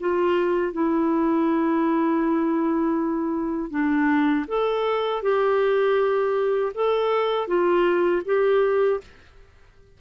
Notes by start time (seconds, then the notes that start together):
0.00 F4
0.73 E4
3.70 D4
4.48 A4
5.22 G4
6.74 A4
7.47 F4
8.25 G4